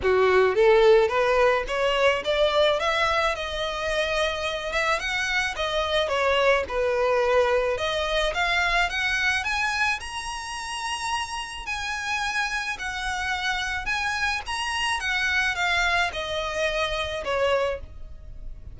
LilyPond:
\new Staff \with { instrumentName = "violin" } { \time 4/4 \tempo 4 = 108 fis'4 a'4 b'4 cis''4 | d''4 e''4 dis''2~ | dis''8 e''8 fis''4 dis''4 cis''4 | b'2 dis''4 f''4 |
fis''4 gis''4 ais''2~ | ais''4 gis''2 fis''4~ | fis''4 gis''4 ais''4 fis''4 | f''4 dis''2 cis''4 | }